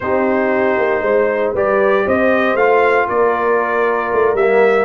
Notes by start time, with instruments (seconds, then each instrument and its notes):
0.00 tuba C4, trombone D#4, horn G4, trumpet C5
0.77 tuba A#3
1.01 tuba G#3, horn C5
1.52 tuba G3, trombone G4, horn B4, trumpet D5
2.06 tuba C4, horn C5, trumpet D#5
2.54 tuba A3, trombone F4, trumpet F5
3.07 tuba A#3, horn A#4, trumpet D5
4.12 tuba A3
4.34 tuba G3, trombone A#3, trumpet E5